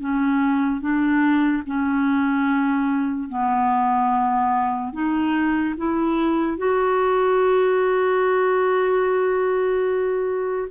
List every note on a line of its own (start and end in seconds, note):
0.00 0.81 C#4
0.81 1.63 D4
1.66 3.29 C#4
3.29 4.93 B3
4.93 5.75 D#4
5.77 6.58 E4
6.58 10.68 F#4